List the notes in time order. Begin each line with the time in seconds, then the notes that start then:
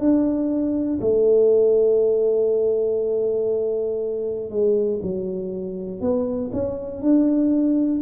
0.00 D4
1.01 A3
4.50 G#3
5.02 F#3
6.01 B3
6.53 C#4
7.02 D4